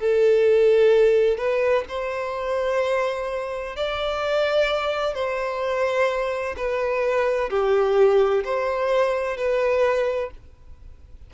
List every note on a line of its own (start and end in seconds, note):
0.00 1.38 A4
1.38 1.85 B4
1.88 3.76 C5
3.76 5.15 D5
5.15 6.55 C5
6.57 7.50 B4
7.50 8.44 G4
8.44 9.37 C5
9.37 10.30 B4